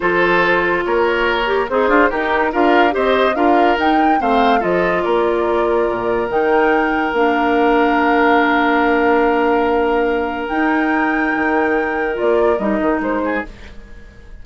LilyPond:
<<
  \new Staff \with { instrumentName = "flute" } { \time 4/4 \tempo 4 = 143 c''2 cis''2 | c''4 ais'4 f''4 dis''4 | f''4 g''4 f''4 dis''4 | d''2. g''4~ |
g''4 f''2.~ | f''1~ | f''4 g''2.~ | g''4 d''4 dis''4 c''4 | }
  \new Staff \with { instrumentName = "oboe" } { \time 4/4 a'2 ais'2 | dis'8 f'8 g'4 ais'4 c''4 | ais'2 c''4 a'4 | ais'1~ |
ais'1~ | ais'1~ | ais'1~ | ais'2.~ ais'8 gis'8 | }
  \new Staff \with { instrumentName = "clarinet" } { \time 4/4 f'2.~ f'8 g'8 | gis'4 dis'4 f'4 g'4 | f'4 dis'4 c'4 f'4~ | f'2. dis'4~ |
dis'4 d'2.~ | d'1~ | d'4 dis'2.~ | dis'4 f'4 dis'2 | }
  \new Staff \with { instrumentName = "bassoon" } { \time 4/4 f2 ais2 | c'8 d'8 dis'4 d'4 c'4 | d'4 dis'4 a4 f4 | ais2 ais,4 dis4~ |
dis4 ais2.~ | ais1~ | ais4 dis'2 dis4~ | dis4 ais4 g8 dis8 gis4 | }
>>